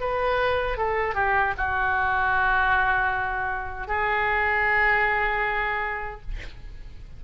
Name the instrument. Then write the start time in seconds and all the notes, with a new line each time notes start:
oboe
0.00 B4
0.77 A4
1.14 G4
1.57 F#4
3.87 G#4